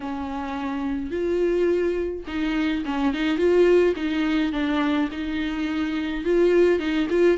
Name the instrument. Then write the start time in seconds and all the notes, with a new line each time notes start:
viola
0.00 C#4
1.10 F4
2.27 D#4
2.85 C#4
3.13 D#4
3.37 F4
3.96 D#4
4.52 D4
5.11 D#4
6.24 F4
6.79 D#4
7.09 F4